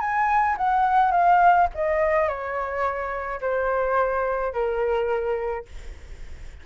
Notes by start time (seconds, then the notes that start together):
0.00 G#5
0.57 F#5
1.11 F5
1.74 D#5
2.28 C#5
3.41 C5
4.53 A#4